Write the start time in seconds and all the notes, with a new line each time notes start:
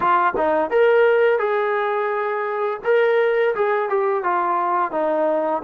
0.00 F4
0.37 D#4
0.70 A#4
1.38 G#4
2.84 A#4
3.55 G#4
3.89 G4
4.24 F4
4.91 D#4